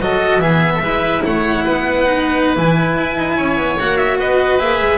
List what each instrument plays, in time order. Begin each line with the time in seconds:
0.00 double bass F#3, cello F#4, oboe A4, violin D#5
0.39 double bass E3, cello B3, oboe G#4, violin E5
0.75 oboe A4
0.81 double bass G#3, cello E4, oboe B4
1.25 double bass A3, oboe C#5, violin F#5
1.64 double bass B3, oboe B4
2.05 cello D#4
2.56 double bass E3, cello E4, violin G#5
2.97 double bass E4
3.17 double bass D#4
3.36 double bass C#4, oboe C#5
3.57 double bass B3
3.79 double bass A#3, cello F#4, violin F#5
3.96 violin E5
4.19 double bass B3, oboe B4, violin D#5
4.59 double bass A#3, cello G#4, violin E5
4.82 double bass G#3